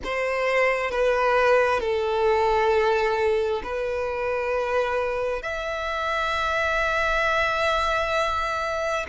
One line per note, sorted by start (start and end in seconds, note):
0.04 0.90 C5
0.90 1.80 B4
1.80 3.62 A4
3.63 5.42 B4
5.42 9.06 E5